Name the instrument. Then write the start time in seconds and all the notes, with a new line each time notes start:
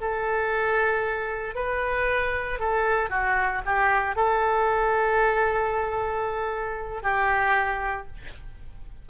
oboe
0.00 A4
1.55 B4
2.59 A4
3.09 F#4
3.65 G4
4.15 A4
7.02 G4